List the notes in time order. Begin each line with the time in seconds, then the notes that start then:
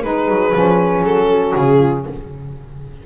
0.00 G#3 D#4 G#4 B4
0.28 F#3
0.52 F3 C#4
1.03 F#3 A4
1.30 F#4
1.56 C#3 G#4
1.78 F4